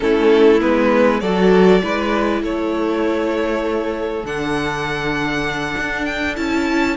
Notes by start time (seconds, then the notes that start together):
0.00 A3 C#4 E4 A4
0.60 G#3 B3 B4
1.20 F#3 F#4 A4 D5
1.81 G#3 E4 B4
2.42 A3 A4 C#5
4.23 D3 D4 F#5
5.77 D4
6.05 G5
6.35 C#4 E4 A5